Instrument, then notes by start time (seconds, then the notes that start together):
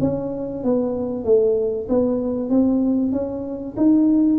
tuba
0.00 C#4
0.63 B3
1.24 A3
1.89 B3
2.49 C4
3.12 C#4
3.76 D#4